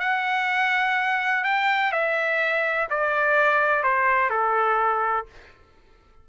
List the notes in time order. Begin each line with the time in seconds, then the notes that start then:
0.00 F#5
1.44 G5
1.92 E5
2.90 D5
3.84 C5
4.30 A4